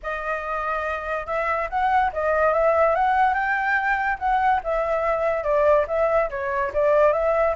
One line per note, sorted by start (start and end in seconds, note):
0.02 1.26 D#5
1.26 1.68 E5
1.69 2.11 F#5
2.12 2.53 D#5
2.53 2.95 E5
2.95 3.34 F#5
3.34 4.17 G5
4.18 4.60 F#5
4.63 5.43 E5
5.43 5.85 D5
5.87 6.29 E5
6.30 6.72 C#5
6.73 7.13 D5
7.13 7.54 E5